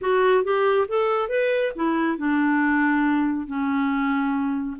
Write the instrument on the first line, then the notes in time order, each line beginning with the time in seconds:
clarinet
0.01 F#4
0.43 G4
0.88 A4
1.28 B4
1.75 E4
2.17 D4
3.46 C#4